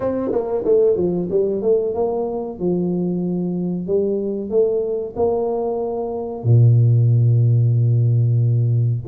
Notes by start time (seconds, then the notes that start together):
0.00 C4
0.31 A#3
0.65 A3
0.96 F3
1.30 G3
1.62 A3
1.94 A#3
2.59 F3
3.87 G3
4.50 A3
5.16 A#3
6.43 A#2